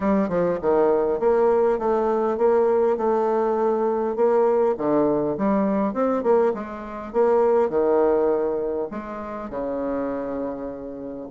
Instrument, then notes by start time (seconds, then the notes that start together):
bassoon
0.00 G3
0.29 F3
0.61 D#3
1.19 A#3
1.78 A3
2.37 A#3
2.97 A3
4.16 A#3
4.77 D3
5.37 G3
5.93 C4
6.23 A#3
6.53 G#3
7.12 A#3
7.69 D#3
8.91 G#3
9.50 C#3